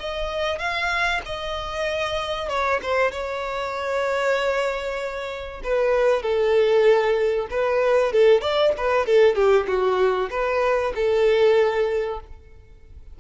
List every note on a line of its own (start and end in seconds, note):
0.00 0.59 D#5
0.59 1.22 F5
1.26 2.49 D#5
2.49 2.80 C#5
2.83 3.12 C5
3.12 5.62 C#5
5.64 6.23 B4
6.23 7.48 A4
7.51 8.13 B4
8.13 8.41 A4
8.41 8.73 D5
8.78 9.06 B4
9.06 9.36 A4
9.36 9.67 G4
9.67 10.30 F#4
10.31 10.93 B4
10.95 12.20 A4